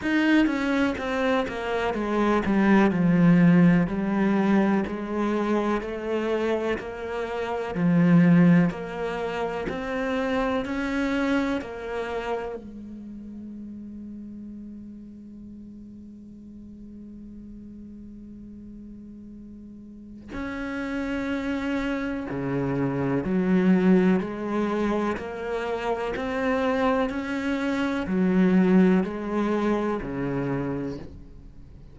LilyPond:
\new Staff \with { instrumentName = "cello" } { \time 4/4 \tempo 4 = 62 dis'8 cis'8 c'8 ais8 gis8 g8 f4 | g4 gis4 a4 ais4 | f4 ais4 c'4 cis'4 | ais4 gis2.~ |
gis1~ | gis4 cis'2 cis4 | fis4 gis4 ais4 c'4 | cis'4 fis4 gis4 cis4 | }